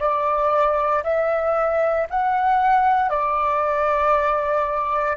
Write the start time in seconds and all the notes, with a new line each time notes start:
0.00 D5
1.04 E5
2.10 F#5
3.10 D5